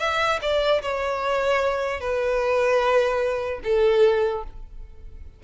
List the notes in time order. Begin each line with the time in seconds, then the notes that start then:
0.00 E5
0.42 D5
0.82 C#5
2.01 B4
3.64 A4